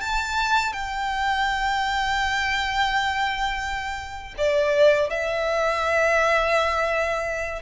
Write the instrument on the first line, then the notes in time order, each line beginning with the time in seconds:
violin
0.00 A5
0.72 G5
4.37 D5
5.10 E5